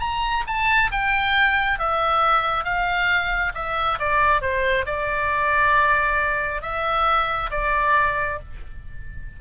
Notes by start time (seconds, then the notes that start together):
0.00 A#5
0.47 A5
0.91 G5
1.79 E5
2.64 F5
3.55 E5
3.99 D5
4.42 C5
4.86 D5
6.62 E5
7.51 D5